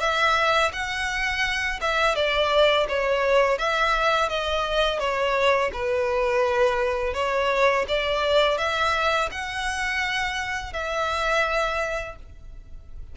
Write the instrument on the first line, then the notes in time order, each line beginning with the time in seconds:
violin
0.00 E5
0.73 F#5
1.81 E5
2.15 D5
2.89 C#5
3.58 E5
4.29 D#5
4.99 C#5
5.73 B4
7.14 C#5
7.89 D5
8.58 E5
9.31 F#5
10.73 E5